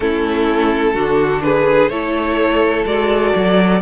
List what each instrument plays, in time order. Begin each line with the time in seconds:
0.00 cello A3, viola C#4, violin E4 A4
0.94 cello D3, viola D4, violin F#4
1.42 violin G#4 B4
1.89 cello A3, viola E4, violin A4 C#5
2.85 cello G#3, viola F#4, violin D5
3.35 cello F#3